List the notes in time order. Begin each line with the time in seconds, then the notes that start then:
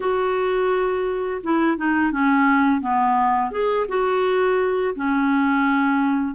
0.00 F#4
1.43 E4
1.76 D#4
2.11 C#4
2.80 B3
3.51 G#4
3.88 F#4
4.95 C#4